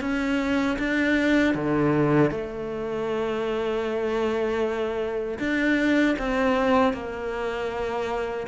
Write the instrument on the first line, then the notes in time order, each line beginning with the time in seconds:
cello
0.00 C#4
0.78 D4
1.54 D3
2.30 A3
5.39 D4
6.18 C4
6.93 A#3